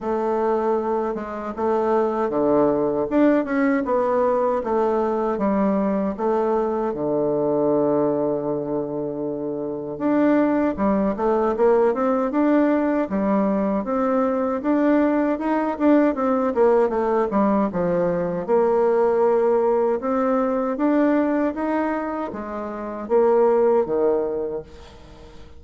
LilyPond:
\new Staff \with { instrumentName = "bassoon" } { \time 4/4 \tempo 4 = 78 a4. gis8 a4 d4 | d'8 cis'8 b4 a4 g4 | a4 d2.~ | d4 d'4 g8 a8 ais8 c'8 |
d'4 g4 c'4 d'4 | dis'8 d'8 c'8 ais8 a8 g8 f4 | ais2 c'4 d'4 | dis'4 gis4 ais4 dis4 | }